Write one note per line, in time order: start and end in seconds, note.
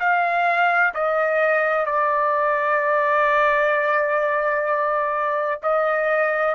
0.00 0.94 F5
0.94 1.86 D#5
1.86 5.61 D5
5.63 6.55 D#5